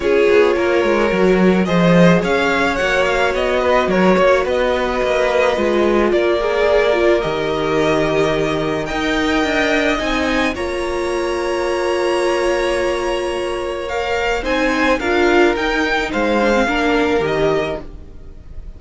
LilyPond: <<
  \new Staff \with { instrumentName = "violin" } { \time 4/4 \tempo 4 = 108 cis''2. dis''4 | f''4 fis''8 f''8 dis''4 cis''4 | dis''2. d''4~ | d''4 dis''2. |
g''2 gis''4 ais''4~ | ais''1~ | ais''4 f''4 gis''4 f''4 | g''4 f''2 dis''4 | }
  \new Staff \with { instrumentName = "violin" } { \time 4/4 gis'4 ais'2 c''4 | cis''2~ cis''8 b'8 ais'8 cis''8 | b'2. ais'4~ | ais'1 |
dis''2. cis''4~ | cis''1~ | cis''2 c''4 ais'4~ | ais'4 c''4 ais'2 | }
  \new Staff \with { instrumentName = "viola" } { \time 4/4 f'2 fis'4 gis'4~ | gis'4 fis'2.~ | fis'2 f'4. gis'8~ | gis'8 f'8 g'2. |
ais'2 dis'4 f'4~ | f'1~ | f'4 ais'4 dis'4 f'4 | dis'4. d'16 c'16 d'4 g'4 | }
  \new Staff \with { instrumentName = "cello" } { \time 4/4 cis'8 b8 ais8 gis8 fis4 f4 | cis'4 ais4 b4 fis8 ais8 | b4 ais4 gis4 ais4~ | ais4 dis2. |
dis'4 d'4 c'4 ais4~ | ais1~ | ais2 c'4 d'4 | dis'4 gis4 ais4 dis4 | }
>>